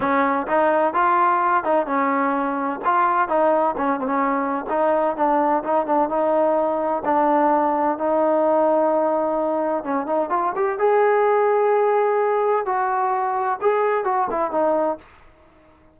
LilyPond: \new Staff \with { instrumentName = "trombone" } { \time 4/4 \tempo 4 = 128 cis'4 dis'4 f'4. dis'8 | cis'2 f'4 dis'4 | cis'8 c'16 cis'4~ cis'16 dis'4 d'4 | dis'8 d'8 dis'2 d'4~ |
d'4 dis'2.~ | dis'4 cis'8 dis'8 f'8 g'8 gis'4~ | gis'2. fis'4~ | fis'4 gis'4 fis'8 e'8 dis'4 | }